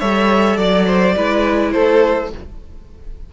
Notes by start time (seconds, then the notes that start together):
0.00 G3 A4 C#5 E5
0.57 F#3 D5
0.87 C5
1.16 G#3 E4 B4
1.72 A3 A4 C5